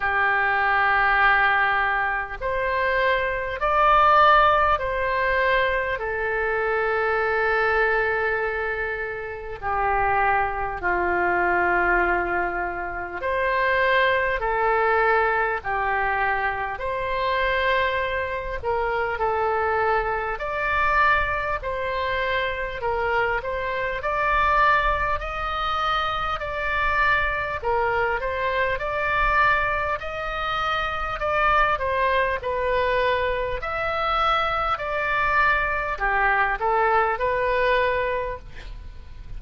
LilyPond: \new Staff \with { instrumentName = "oboe" } { \time 4/4 \tempo 4 = 50 g'2 c''4 d''4 | c''4 a'2. | g'4 f'2 c''4 | a'4 g'4 c''4. ais'8 |
a'4 d''4 c''4 ais'8 c''8 | d''4 dis''4 d''4 ais'8 c''8 | d''4 dis''4 d''8 c''8 b'4 | e''4 d''4 g'8 a'8 b'4 | }